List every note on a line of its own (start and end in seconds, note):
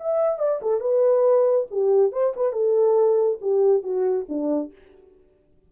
0.00 0.39 E5
0.39 0.61 D5
0.62 0.81 A4
0.81 1.67 B4
1.71 2.12 G4
2.12 2.34 C5
2.36 2.53 B4
2.53 3.39 A4
3.41 3.83 G4
3.83 4.27 F#4
4.29 4.72 D4